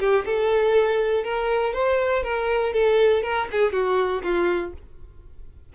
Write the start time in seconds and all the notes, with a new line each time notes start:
0.00 G4
0.26 A4
1.24 A#4
1.74 C5
2.23 A#4
2.74 A4
3.23 A#4
3.52 G#4
3.73 F#4
4.23 F4